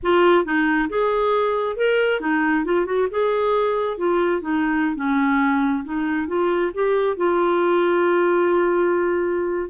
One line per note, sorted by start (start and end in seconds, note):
0.02 0.44 F4
0.44 0.88 D#4
0.89 1.76 G#4
1.76 2.20 A#4
2.20 2.64 D#4
2.64 2.85 F4
2.85 3.07 F#4
3.10 3.97 G#4
3.97 4.41 F4
4.41 4.95 D#4
4.95 5.84 C#4
5.84 6.27 D#4
6.27 6.71 F4
6.74 7.17 G4
7.17 9.69 F4